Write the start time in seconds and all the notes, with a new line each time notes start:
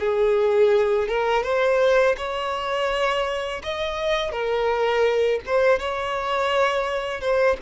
0.00 G#4
1.08 A#4
1.44 C5
2.18 C#5
3.63 D#5
4.32 A#4
5.46 C5
5.80 C#5
7.21 C5